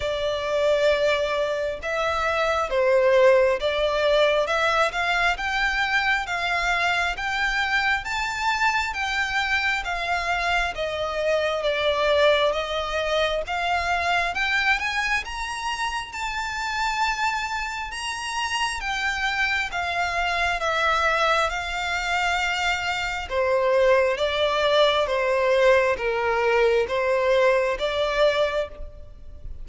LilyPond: \new Staff \with { instrumentName = "violin" } { \time 4/4 \tempo 4 = 67 d''2 e''4 c''4 | d''4 e''8 f''8 g''4 f''4 | g''4 a''4 g''4 f''4 | dis''4 d''4 dis''4 f''4 |
g''8 gis''8 ais''4 a''2 | ais''4 g''4 f''4 e''4 | f''2 c''4 d''4 | c''4 ais'4 c''4 d''4 | }